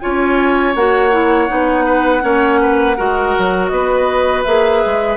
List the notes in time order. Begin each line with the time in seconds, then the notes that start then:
0.00 C#4 F4 C#5 G#5
0.75 A#3 F#4 F#5
1.11 E4
1.48 B3 D#4
1.85 B4
2.21 A#3 C#4 C#5
2.61 B4
2.97 G#3 F#4 A#4
3.38 F#3
3.68 B3 B4 D#5
4.44 A#3 G#4 E5
4.85 G#3